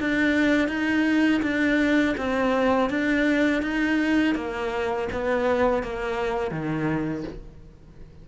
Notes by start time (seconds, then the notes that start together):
0.00 D4
0.68 D#4
1.42 D4
2.17 C4
2.90 D4
3.62 D#4
4.35 A#3
5.12 B3
5.83 A#3
6.51 D#3